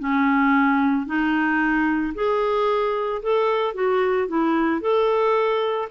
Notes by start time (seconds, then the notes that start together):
0.00 C#4
1.07 D#4
2.15 G#4
3.23 A4
3.75 F#4
4.29 E4
4.81 A4